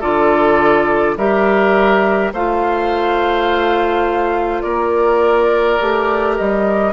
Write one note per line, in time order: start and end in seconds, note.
0.00 1.17 D3
0.00 1.17 F4
0.00 1.15 A4
0.00 1.17 D5
1.17 2.32 G3
1.17 2.33 G4
1.17 2.33 A#4
1.17 2.33 E5
2.33 4.63 A3
2.33 5.80 F4
2.33 4.63 C5
2.33 4.62 F5
4.62 5.79 A#3
4.62 6.93 A#4
4.62 6.35 D5
5.80 6.38 A3
5.80 6.93 G4
6.36 6.93 G3
6.36 6.93 D#5